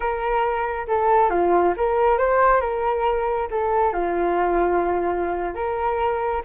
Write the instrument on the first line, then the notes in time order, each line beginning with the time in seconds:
flute
0.00 A#4
0.87 A4
1.30 F4
1.76 A#4
2.18 C5
2.60 A#4
3.50 A4
3.93 F4
5.55 A#4